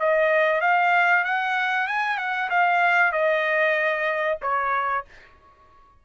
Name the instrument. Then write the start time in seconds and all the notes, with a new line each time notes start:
trumpet
0.00 D#5
0.61 F5
1.25 F#5
1.87 G#5
2.18 F#5
2.50 F5
3.13 D#5
4.42 C#5